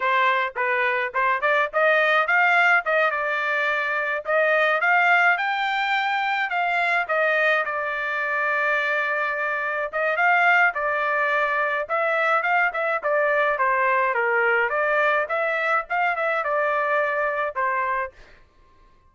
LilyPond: \new Staff \with { instrumentName = "trumpet" } { \time 4/4 \tempo 4 = 106 c''4 b'4 c''8 d''8 dis''4 | f''4 dis''8 d''2 dis''8~ | dis''8 f''4 g''2 f''8~ | f''8 dis''4 d''2~ d''8~ |
d''4. dis''8 f''4 d''4~ | d''4 e''4 f''8 e''8 d''4 | c''4 ais'4 d''4 e''4 | f''8 e''8 d''2 c''4 | }